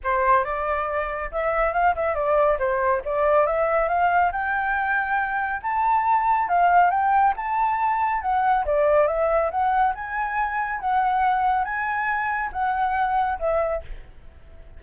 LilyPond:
\new Staff \with { instrumentName = "flute" } { \time 4/4 \tempo 4 = 139 c''4 d''2 e''4 | f''8 e''8 d''4 c''4 d''4 | e''4 f''4 g''2~ | g''4 a''2 f''4 |
g''4 a''2 fis''4 | d''4 e''4 fis''4 gis''4~ | gis''4 fis''2 gis''4~ | gis''4 fis''2 e''4 | }